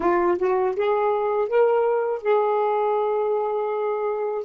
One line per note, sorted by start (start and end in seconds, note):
0.00 0.37 F4
0.38 0.75 F#4
0.75 1.48 G#4
1.48 2.22 A#4
2.22 4.44 G#4